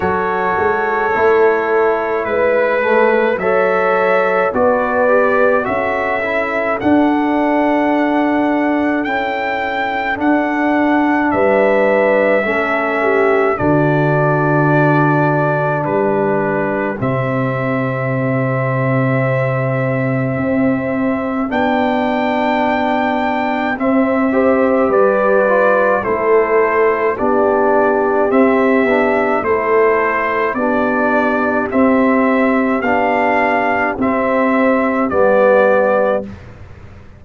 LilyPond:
<<
  \new Staff \with { instrumentName = "trumpet" } { \time 4/4 \tempo 4 = 53 cis''2 b'4 e''4 | d''4 e''4 fis''2 | g''4 fis''4 e''2 | d''2 b'4 e''4~ |
e''2. g''4~ | g''4 e''4 d''4 c''4 | d''4 e''4 c''4 d''4 | e''4 f''4 e''4 d''4 | }
  \new Staff \with { instrumentName = "horn" } { \time 4/4 a'2 b'4 cis''4 | b'4 a'2.~ | a'2 b'4 a'8 g'8 | fis'2 g'2~ |
g'1~ | g'4. c''8 b'4 a'4 | g'2 a'4 g'4~ | g'1 | }
  \new Staff \with { instrumentName = "trombone" } { \time 4/4 fis'4 e'4. a8 a'4 | fis'8 g'8 fis'8 e'8 d'2 | e'4 d'2 cis'4 | d'2. c'4~ |
c'2. d'4~ | d'4 c'8 g'4 f'8 e'4 | d'4 c'8 d'8 e'4 d'4 | c'4 d'4 c'4 b4 | }
  \new Staff \with { instrumentName = "tuba" } { \time 4/4 fis8 gis8 a4 gis4 fis4 | b4 cis'4 d'2 | cis'4 d'4 g4 a4 | d2 g4 c4~ |
c2 c'4 b4~ | b4 c'4 g4 a4 | b4 c'8 b8 a4 b4 | c'4 b4 c'4 g4 | }
>>